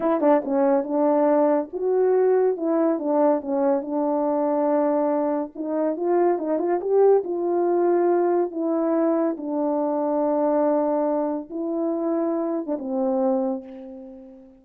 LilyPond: \new Staff \with { instrumentName = "horn" } { \time 4/4 \tempo 4 = 141 e'8 d'8 cis'4 d'2 | fis'2 e'4 d'4 | cis'4 d'2.~ | d'4 dis'4 f'4 dis'8 f'8 |
g'4 f'2. | e'2 d'2~ | d'2. e'4~ | e'4.~ e'16 d'16 c'2 | }